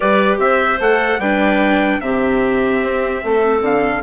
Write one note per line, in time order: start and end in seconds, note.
0.00 0.38 G3
0.00 0.78 G4
0.00 0.39 B4
0.00 0.37 D5
0.38 0.79 C4
0.38 1.20 C5
0.38 0.80 E5
0.80 1.19 A3
0.80 1.20 A4
0.80 1.20 F#5
1.19 1.99 G3
1.19 2.01 D4
1.19 2.01 B4
1.19 2.00 G5
2.01 2.81 C3
2.01 4.02 C4
2.01 3.23 G4
2.01 3.62 E5
2.82 3.22 C4
3.23 3.61 A3
3.23 4.02 A4
3.61 4.02 D3
3.61 4.02 F5